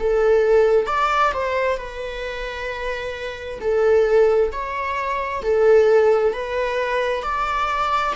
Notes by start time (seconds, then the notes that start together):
0.00 A4
0.87 D5
1.34 C5
1.78 B4
3.61 A4
4.52 C#5
5.43 A4
6.33 B4
7.23 D5